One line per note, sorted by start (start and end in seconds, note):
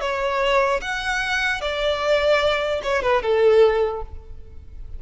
0.00 0.80 C#5
0.81 1.61 F#5
1.61 2.81 D5
2.83 3.02 C#5
3.02 3.22 B4
3.22 4.02 A4